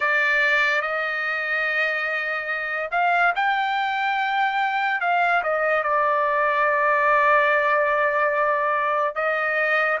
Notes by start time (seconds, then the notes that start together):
0.00 D5
0.81 D#5
2.91 F5
3.35 G5
5.00 F5
5.43 D#5
5.83 D5
9.15 D#5